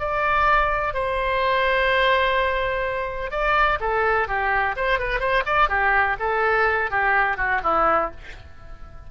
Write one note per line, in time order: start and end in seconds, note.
0.00 0.94 D5
0.94 3.31 C5
3.31 3.79 D5
3.81 4.28 A4
4.28 4.76 G4
4.76 5.00 C5
5.00 5.20 B4
5.20 5.44 C5
5.46 5.69 D5
5.69 6.17 G4
6.20 6.91 A4
6.91 7.37 G4
7.37 7.61 F#4
7.64 8.11 E4